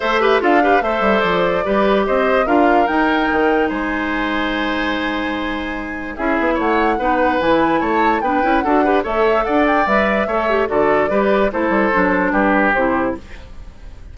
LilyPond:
<<
  \new Staff \with { instrumentName = "flute" } { \time 4/4 \tempo 4 = 146 e''4 f''4 e''4 d''4~ | d''4 dis''4 f''4 g''4~ | g''4 gis''2.~ | gis''2. e''4 |
fis''2 gis''4 a''4 | g''4 fis''4 e''4 fis''8 g''8 | e''2 d''2 | c''2 b'4 c''4 | }
  \new Staff \with { instrumentName = "oboe" } { \time 4/4 c''8 b'8 a'8 b'8 c''2 | b'4 c''4 ais'2~ | ais'4 c''2.~ | c''2. gis'4 |
cis''4 b'2 cis''4 | b'4 a'8 b'8 cis''4 d''4~ | d''4 cis''4 a'4 b'4 | a'2 g'2 | }
  \new Staff \with { instrumentName = "clarinet" } { \time 4/4 a'8 g'8 f'8 g'8 a'2 | g'2 f'4 dis'4~ | dis'1~ | dis'2. e'4~ |
e'4 dis'4 e'2 | d'8 e'8 fis'8 g'8 a'2 | b'4 a'8 g'8 fis'4 g'4 | e'4 d'2 e'4 | }
  \new Staff \with { instrumentName = "bassoon" } { \time 4/4 a4 d'4 a8 g8 f4 | g4 c'4 d'4 dis'4 | dis4 gis2.~ | gis2. cis'8 b8 |
a4 b4 e4 a4 | b8 cis'8 d'4 a4 d'4 | g4 a4 d4 g4 | a8 g8 fis4 g4 c4 | }
>>